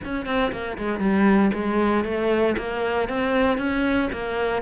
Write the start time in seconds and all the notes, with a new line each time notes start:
0.04 C#4
0.25 C4
0.52 A#3
0.77 G#3
0.99 G3
1.53 G#3
2.04 A3
2.57 A#3
3.09 C4
3.58 C#4
4.12 A#3